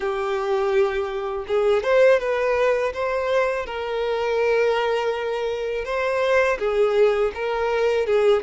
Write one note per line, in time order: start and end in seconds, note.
0.00 1.45 G4
1.47 1.83 G#4
1.83 2.20 C5
2.20 2.93 B4
2.93 3.66 C5
3.66 5.84 A#4
5.84 6.58 C5
6.58 7.31 G#4
7.34 8.06 A#4
8.06 8.42 G#4